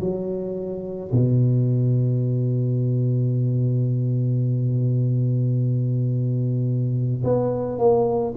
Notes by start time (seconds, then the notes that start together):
0.00 F#3
1.12 B2
7.24 B3
7.78 A#3